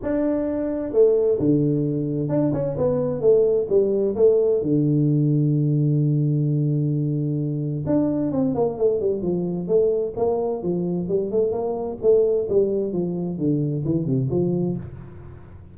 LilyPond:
\new Staff \with { instrumentName = "tuba" } { \time 4/4 \tempo 4 = 130 d'2 a4 d4~ | d4 d'8 cis'8 b4 a4 | g4 a4 d2~ | d1~ |
d4 d'4 c'8 ais8 a8 g8 | f4 a4 ais4 f4 | g8 a8 ais4 a4 g4 | f4 d4 e8 c8 f4 | }